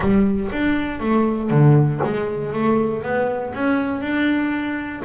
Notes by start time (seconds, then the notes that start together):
0.00 G3
0.52 D4
1.00 A3
1.50 D3
2.04 G#3
2.52 A3
3.03 B3
3.54 C#4
4.01 D4